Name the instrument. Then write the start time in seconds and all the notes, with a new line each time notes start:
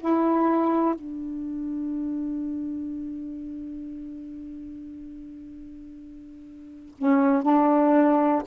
saxophone
0.00 E4
0.95 D4
6.98 C#4
7.42 D4